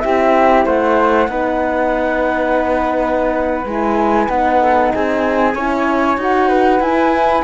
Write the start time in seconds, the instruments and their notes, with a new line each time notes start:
0.00 cello C4, horn E4, flute G4 E5
0.65 cello A3, flute C5 F#5
1.28 cello B3, horn D#4, flute B4
3.65 cello G#3, horn E4, flute G#5
4.28 cello B3, horn D#4, flute F#5
4.61 flute A4
4.93 cello C4, flute G#4 G#5
5.55 cello C#4, horn E4, flute C#5
6.17 cello D#4, horn F#4, flute F#5
6.49 flute B4
6.80 cello E4, horn E4, flute G#5